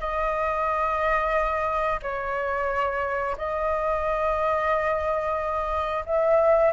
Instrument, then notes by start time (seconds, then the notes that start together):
flute
0.00 D#5
2.03 C#5
3.38 D#5
6.06 E5